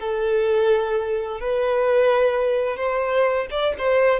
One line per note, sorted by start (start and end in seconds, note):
0.00 1.40 A4
1.40 2.77 B4
2.77 3.47 C5
3.51 3.75 D5
3.79 4.20 C5